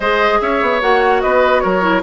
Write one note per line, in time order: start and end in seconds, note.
0.00 0.39 G#3
0.00 0.81 G#4
0.00 0.39 C5
0.00 0.40 D#5
0.40 0.61 C#4
0.40 1.22 C#5
0.40 0.81 E5
0.61 0.82 B3
0.81 1.22 A#3
0.81 1.81 F#4
0.81 1.21 F#5
1.21 1.64 B3
1.21 1.62 B4
1.21 1.60 D#5
1.60 2.02 F#3
1.60 2.02 A#4
1.60 2.01 C#5
1.81 2.02 E4